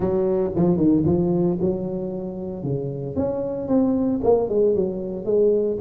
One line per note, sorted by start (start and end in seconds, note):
0.00 0.50 F#3
0.55 0.76 F3
0.76 1.03 D#3
1.05 1.58 F3
1.61 2.63 F#3
2.63 3.16 C#3
3.16 3.67 C#4
3.67 4.20 C4
4.23 4.49 A#3
4.49 4.75 G#3
4.75 5.25 F#3
5.25 5.78 G#3